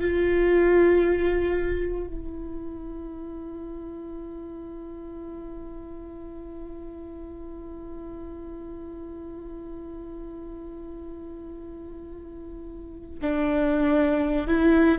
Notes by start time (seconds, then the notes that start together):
0.00 F4
2.07 E4
13.21 D4
14.47 E4